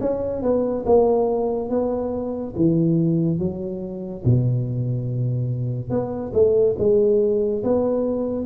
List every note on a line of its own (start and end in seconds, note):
0.00 0.42 C#4
0.42 0.85 B3
0.85 1.69 A#3
1.69 2.54 B3
2.56 3.39 E3
3.39 4.23 F#3
4.24 5.90 B2
5.90 6.32 B3
6.33 6.76 A3
6.78 7.63 G#3
7.64 8.45 B3